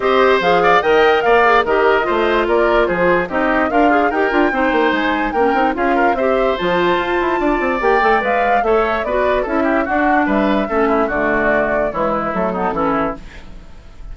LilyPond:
<<
  \new Staff \with { instrumentName = "flute" } { \time 4/4 \tempo 4 = 146 dis''4 f''4 g''4 f''4 | dis''2 d''4 c''4 | dis''4 f''4 g''2 | gis''4 g''4 f''4 e''4 |
a''2. g''4 | f''4 e''4 d''4 e''4 | fis''4 e''2 d''4~ | d''4 cis''8 b'8 a'2 | }
  \new Staff \with { instrumentName = "oboe" } { \time 4/4 c''4. d''8 dis''4 d''4 | ais'4 c''4 ais'4 gis'4 | g'4 f'4 ais'4 c''4~ | c''4 ais'4 gis'8 ais'8 c''4~ |
c''2 d''2~ | d''4 cis''4 b'4 a'8 g'8 | fis'4 b'4 a'8 e'8 fis'4~ | fis'4 e'4. dis'8 e'4 | }
  \new Staff \with { instrumentName = "clarinet" } { \time 4/4 g'4 gis'4 ais'4. gis'8 | g'4 f'2. | dis'4 ais'8 gis'8 g'8 f'8 dis'4~ | dis'4 cis'8 dis'8 f'4 g'4 |
f'2. g'8 a'8 | b'4 a'4 fis'4 e'4 | d'2 cis'4 a4~ | a4 gis4 a8 b8 cis'4 | }
  \new Staff \with { instrumentName = "bassoon" } { \time 4/4 c'4 f4 dis4 ais4 | dis4 a4 ais4 f4 | c'4 d'4 dis'8 d'8 c'8 ais8 | gis4 ais8 c'8 cis'4 c'4 |
f4 f'8 e'8 d'8 c'8 ais8 a8 | gis4 a4 b4 cis'4 | d'4 g4 a4 d4~ | d4 e4 fis4 e4 | }
>>